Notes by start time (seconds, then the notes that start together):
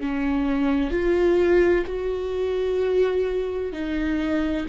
0.00 C#4
0.91 F4
1.86 F#4
3.72 D#4